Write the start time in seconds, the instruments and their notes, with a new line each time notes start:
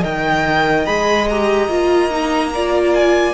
0.00 cello D#3, viola A#4, violin D#5 G5
0.86 cello G#3, viola G#4, violin B5
1.29 viola G4, violin A#5
1.68 cello A#3, viola F4
2.10 viola D#4
2.54 viola F4, violin D5
2.94 violin G#5